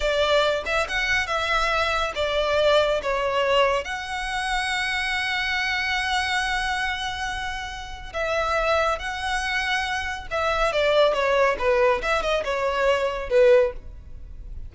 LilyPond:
\new Staff \with { instrumentName = "violin" } { \time 4/4 \tempo 4 = 140 d''4. e''8 fis''4 e''4~ | e''4 d''2 cis''4~ | cis''4 fis''2.~ | fis''1~ |
fis''2. e''4~ | e''4 fis''2. | e''4 d''4 cis''4 b'4 | e''8 dis''8 cis''2 b'4 | }